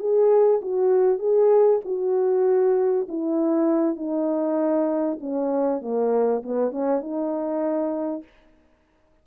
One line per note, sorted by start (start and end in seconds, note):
0.00 0.61 G#4
0.62 1.19 F#4
1.19 1.81 G#4
1.85 3.08 F#4
3.09 3.97 E4
3.97 5.19 D#4
5.21 5.82 C#4
5.82 6.43 A#3
6.43 6.72 B3
6.72 7.01 C#4
7.01 8.23 D#4